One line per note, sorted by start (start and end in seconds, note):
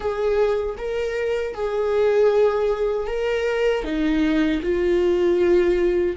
0.00 0.76 G#4
0.77 1.54 A#4
1.54 3.07 G#4
3.07 3.84 A#4
3.84 4.60 D#4
4.62 6.16 F4